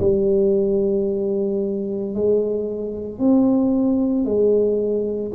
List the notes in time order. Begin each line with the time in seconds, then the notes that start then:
0.00 G3
2.14 G#3
3.19 C4
4.24 G#3